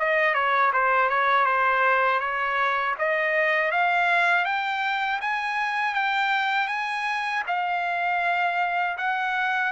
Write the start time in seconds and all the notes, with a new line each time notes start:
0.00 D#5
0.34 C#5
0.74 C5
1.10 C#5
1.46 C5
2.21 C#5
2.99 D#5
3.72 F5
4.46 G5
5.22 G#5
5.95 G5
6.69 G#5
7.48 F5
8.98 F#5